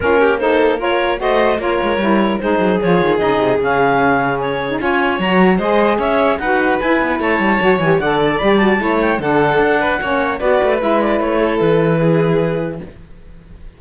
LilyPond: <<
  \new Staff \with { instrumentName = "clarinet" } { \time 4/4 \tempo 4 = 150 ais'4 c''4 cis''4 dis''4 | cis''2 c''4 cis''4 | dis''4 f''2 cis''4 | gis''4 ais''4 dis''4 e''4 |
fis''4 gis''4 a''4. gis''8 | fis''8 a''8 b''8 a''4 g''8 fis''4~ | fis''2 d''4 e''8 d''8 | cis''4 b'2. | }
  \new Staff \with { instrumentName = "violin" } { \time 4/4 f'8 g'8 a'4 ais'4 c''4 | ais'2 gis'2~ | gis'1 | cis''2 c''4 cis''4 |
b'2 cis''2 | d''2 cis''4 a'4~ | a'8 b'8 cis''4 b'2~ | b'8 a'4. gis'2 | }
  \new Staff \with { instrumentName = "saxophone" } { \time 4/4 cis'4 dis'4 f'4 fis'4 | f'4 e'4 dis'4 f'4 | dis'4 cis'2~ cis'8. dis'16 | f'4 fis'4 gis'2 |
fis'4 e'2 fis'8 g'8 | a'4 g'8 fis'8 e'4 d'4~ | d'4 cis'4 fis'4 e'4~ | e'1 | }
  \new Staff \with { instrumentName = "cello" } { \time 4/4 ais2. a4 | ais8 gis8 g4 gis8 fis8 f8 dis8 | cis8 c8 cis2. | cis'4 fis4 gis4 cis'4 |
dis'4 e'8 b8 a8 g8 fis8 e8 | d4 g4 a4 d4 | d'4 ais4 b8 a8 gis4 | a4 e2. | }
>>